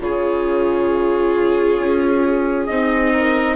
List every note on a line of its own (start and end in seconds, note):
0.00 1.78 C#3
0.00 2.69 F4
0.00 3.13 G#4
0.00 2.66 C#5
1.78 2.68 C#4
2.66 3.56 C4
2.66 3.56 D#4
2.66 3.56 D#5
3.13 3.56 A#4